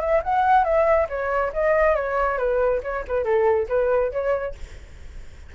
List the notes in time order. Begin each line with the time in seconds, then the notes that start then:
0.00 E5
0.23 F#5
0.64 E5
1.09 C#5
1.53 D#5
1.95 C#5
2.38 B4
2.83 C#5
3.07 B4
3.24 A4
3.68 B4
4.11 C#5